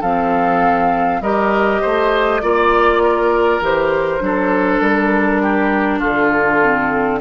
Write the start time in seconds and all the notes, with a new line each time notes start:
0.00 F3 C4 A4 F5
1.21 G3 G4 A#4 D#5
1.81 A3 C5
2.41 A#3 F4 D5
3.03 A#4
3.60 E3 G4 C5
4.20 F#3 D4 A4
4.80 G3 A#4
5.42 G4
5.99 D3 F4 A4
6.62 C4